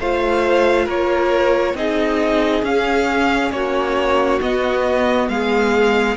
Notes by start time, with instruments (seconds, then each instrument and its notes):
0.00 cello A3, viola F4, violin C5 F5
0.86 cello A#3, violin A#4 C#5
1.75 cello C4, viola D#4, violin G#4 D#5
2.63 cello C#4, viola C#4, violin F5
3.52 cello A#3, violin F#4 C#5
4.42 viola B3, cello B3, violin D#5
5.29 cello G#3, violin G#4 F5